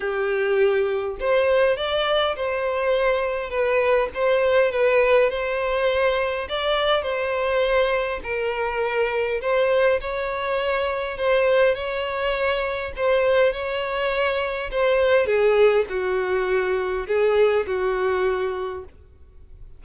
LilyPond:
\new Staff \with { instrumentName = "violin" } { \time 4/4 \tempo 4 = 102 g'2 c''4 d''4 | c''2 b'4 c''4 | b'4 c''2 d''4 | c''2 ais'2 |
c''4 cis''2 c''4 | cis''2 c''4 cis''4~ | cis''4 c''4 gis'4 fis'4~ | fis'4 gis'4 fis'2 | }